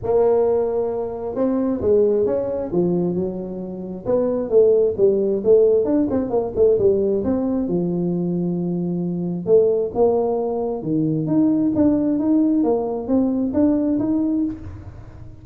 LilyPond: \new Staff \with { instrumentName = "tuba" } { \time 4/4 \tempo 4 = 133 ais2. c'4 | gis4 cis'4 f4 fis4~ | fis4 b4 a4 g4 | a4 d'8 c'8 ais8 a8 g4 |
c'4 f2.~ | f4 a4 ais2 | dis4 dis'4 d'4 dis'4 | ais4 c'4 d'4 dis'4 | }